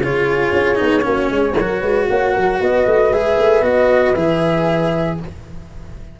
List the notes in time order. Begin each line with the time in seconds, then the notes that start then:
0.00 C#3 F4 G#4 C#5
0.52 C#4
0.76 B3 D#4
1.02 A#3 C#4 F#4
1.30 G#3 G#4
1.56 F#3 F#4 A#4
1.80 G#3 B4
2.07 A#3 C#5 F#5
2.34 F#3 A#4
2.60 B3 B4 D#5
2.86 A3
3.10 G#3 G#4 E5
3.38 A3
3.62 B3 F#4 D#5
4.15 E3 G#4 E5